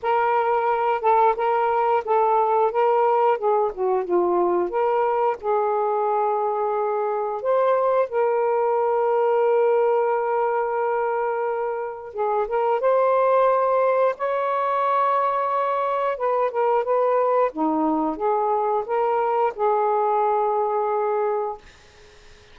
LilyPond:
\new Staff \with { instrumentName = "saxophone" } { \time 4/4 \tempo 4 = 89 ais'4. a'8 ais'4 a'4 | ais'4 gis'8 fis'8 f'4 ais'4 | gis'2. c''4 | ais'1~ |
ais'2 gis'8 ais'8 c''4~ | c''4 cis''2. | b'8 ais'8 b'4 dis'4 gis'4 | ais'4 gis'2. | }